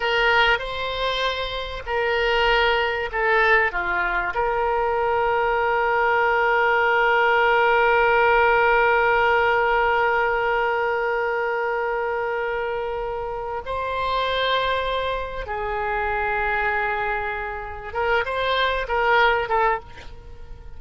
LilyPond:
\new Staff \with { instrumentName = "oboe" } { \time 4/4 \tempo 4 = 97 ais'4 c''2 ais'4~ | ais'4 a'4 f'4 ais'4~ | ais'1~ | ais'1~ |
ais'1~ | ais'2 c''2~ | c''4 gis'2.~ | gis'4 ais'8 c''4 ais'4 a'8 | }